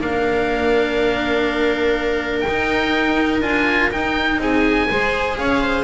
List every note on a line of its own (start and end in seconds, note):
0.00 2.45 A#3
0.00 2.44 D4
0.00 4.40 A#4
0.00 2.40 F5
2.40 3.43 D#4
2.40 3.38 G5
2.48 3.42 D#4
3.42 3.92 D4
3.42 3.91 F4
3.42 3.90 G#5
3.91 4.88 D#4
3.91 4.39 D#4
3.91 4.41 G5
4.39 4.87 C4
4.39 4.89 G#4
4.39 5.38 G#5
4.90 5.37 G#3
4.90 5.84 G#4
4.90 5.38 C5
5.37 5.84 C#4
5.37 5.61 C#5
5.37 5.84 F5
5.61 5.84 C5